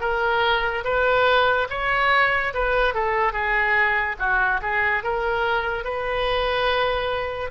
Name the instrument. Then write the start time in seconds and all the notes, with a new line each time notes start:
oboe
0.00 A#4
0.84 B4
1.70 C#5
2.53 B4
2.94 A4
3.32 G#4
4.19 F#4
4.61 G#4
5.03 A#4
5.84 B4